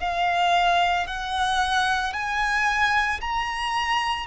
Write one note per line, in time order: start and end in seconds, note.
0.00 1.07 F5
1.07 2.13 F#5
2.13 3.20 G#5
3.20 4.26 A#5